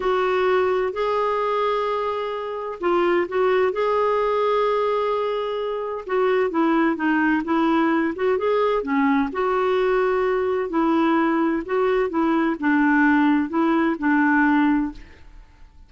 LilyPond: \new Staff \with { instrumentName = "clarinet" } { \time 4/4 \tempo 4 = 129 fis'2 gis'2~ | gis'2 f'4 fis'4 | gis'1~ | gis'4 fis'4 e'4 dis'4 |
e'4. fis'8 gis'4 cis'4 | fis'2. e'4~ | e'4 fis'4 e'4 d'4~ | d'4 e'4 d'2 | }